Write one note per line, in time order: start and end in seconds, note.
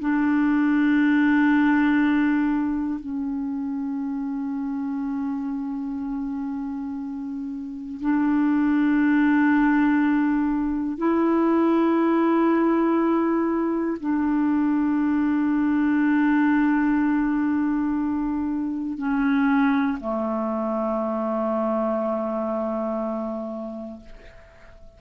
0.00 3.00 D4
3.00 8.00 C#4
8.01 10.98 D4
10.98 13.98 E4
14.00 18.98 D4
18.98 19.98 C#4
20.00 24.00 A3